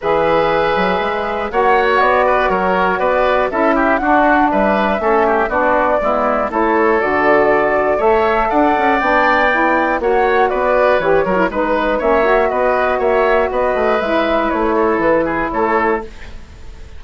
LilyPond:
<<
  \new Staff \with { instrumentName = "flute" } { \time 4/4 \tempo 4 = 120 e''2. fis''4 | d''4 cis''4 d''4 e''4 | fis''4 e''2 d''4~ | d''4 cis''4 d''2 |
e''4 fis''4 g''2 | fis''4 d''4 cis''4 b'4 | e''4 dis''4 e''4 dis''4 | e''4 cis''4 b'4 cis''4 | }
  \new Staff \with { instrumentName = "oboe" } { \time 4/4 b'2. cis''4~ | cis''8 b'8 ais'4 b'4 a'8 g'8 | fis'4 b'4 a'8 g'8 fis'4 | e'4 a'2. |
cis''4 d''2. | cis''4 b'4. ais'8 b'4 | cis''4 b'4 cis''4 b'4~ | b'4. a'4 gis'8 a'4 | }
  \new Staff \with { instrumentName = "saxophone" } { \time 4/4 gis'2. fis'4~ | fis'2. e'4 | d'2 cis'4 d'4 | b4 e'4 fis'2 |
a'2 d'4 e'4 | fis'2 g'8 fis'16 e'16 dis'4 | cis'8 fis'2.~ fis'8 | e'1 | }
  \new Staff \with { instrumentName = "bassoon" } { \time 4/4 e4. fis8 gis4 ais4 | b4 fis4 b4 cis'4 | d'4 g4 a4 b4 | gis4 a4 d2 |
a4 d'8 cis'8 b2 | ais4 b4 e8 fis8 gis4 | ais4 b4 ais4 b8 a8 | gis4 a4 e4 a4 | }
>>